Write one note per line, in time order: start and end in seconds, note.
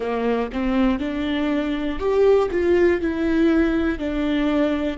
0.00 0.50 A#3
0.52 0.99 C4
0.99 1.99 D4
1.99 2.49 G4
2.50 3.00 F4
3.01 3.99 E4
3.99 4.97 D4